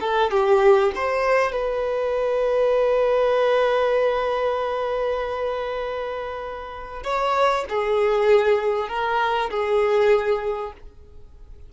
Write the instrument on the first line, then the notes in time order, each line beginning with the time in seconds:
violin
0.00 A4
0.30 G4
0.95 C5
1.52 B4
7.03 C#5
7.69 G#4
8.89 A#4
9.50 G#4